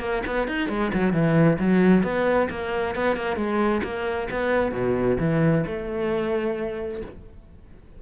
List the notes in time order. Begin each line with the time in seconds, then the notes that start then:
0.00 A#3
0.26 B3
0.47 D#4
0.69 G#3
0.93 F#3
1.13 E3
1.59 F#3
2.03 B3
2.50 A#3
2.95 B3
3.16 A#3
3.36 G#3
3.83 A#3
4.31 B3
4.72 B2
5.19 E3
5.66 A3